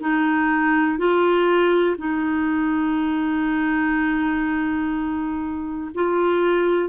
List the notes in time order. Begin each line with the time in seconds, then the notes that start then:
0.00 D#4
0.98 F4
1.97 D#4
5.94 F4